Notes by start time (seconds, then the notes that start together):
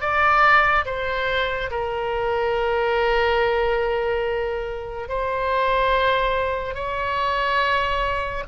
0.00 D5
0.85 C5
1.71 A#4
5.08 C5
6.74 C#5